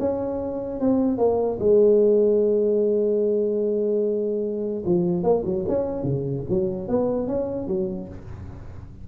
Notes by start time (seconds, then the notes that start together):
0.00 C#4
0.81 C4
1.18 A#3
1.60 G#3
4.86 F3
5.24 A#3
5.45 F#3
5.68 C#4
6.04 C#3
6.50 F#3
6.89 B3
7.28 C#4
7.68 F#3